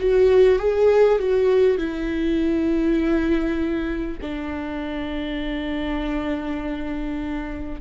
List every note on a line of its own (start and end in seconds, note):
0.00 0.59 F#4
0.59 1.19 G#4
1.19 1.78 F#4
1.78 4.18 E4
4.22 7.81 D4